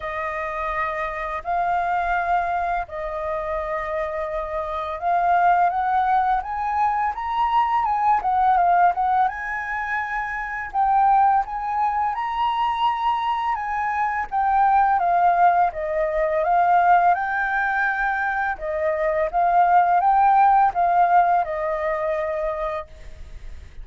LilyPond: \new Staff \with { instrumentName = "flute" } { \time 4/4 \tempo 4 = 84 dis''2 f''2 | dis''2. f''4 | fis''4 gis''4 ais''4 gis''8 fis''8 | f''8 fis''8 gis''2 g''4 |
gis''4 ais''2 gis''4 | g''4 f''4 dis''4 f''4 | g''2 dis''4 f''4 | g''4 f''4 dis''2 | }